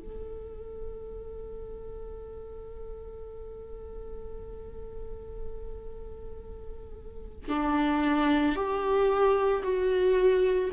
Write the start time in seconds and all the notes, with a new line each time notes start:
0.00 A4
7.49 D4
8.56 G4
9.63 F#4